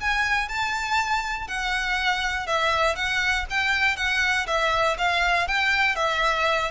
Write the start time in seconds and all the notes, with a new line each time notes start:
0.00 G#5
0.48 A5
1.47 F#5
2.47 E5
2.95 F#5
3.50 G5
3.96 F#5
4.46 E5
4.98 F5
5.47 G5
5.95 E5